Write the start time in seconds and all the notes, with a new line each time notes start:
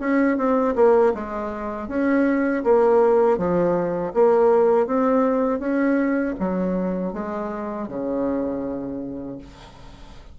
0.00 C#4
0.38 C4
0.76 A#3
1.14 G#3
1.89 C#4
2.64 A#3
3.38 F3
4.14 A#3
4.87 C4
5.60 C#4
6.40 F#3
7.13 G#3
7.88 C#3